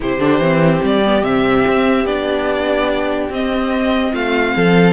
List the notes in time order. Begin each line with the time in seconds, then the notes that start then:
0.00 C3 E4 G4 C5
0.19 D3 D4
0.38 E3 C4
0.83 G3 D5
1.04 B3
1.22 C3 C4 E5
1.67 C4
2.04 B3 D4 D5
3.29 C4 D#5
4.11 A3 F4 F5
4.55 F3 A4